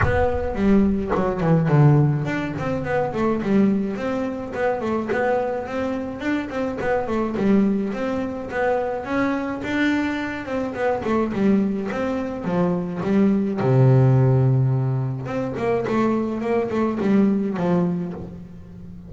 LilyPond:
\new Staff \with { instrumentName = "double bass" } { \time 4/4 \tempo 4 = 106 b4 g4 fis8 e8 d4 | d'8 c'8 b8 a8 g4 c'4 | b8 a8 b4 c'4 d'8 c'8 | b8 a8 g4 c'4 b4 |
cis'4 d'4. c'8 b8 a8 | g4 c'4 f4 g4 | c2. c'8 ais8 | a4 ais8 a8 g4 f4 | }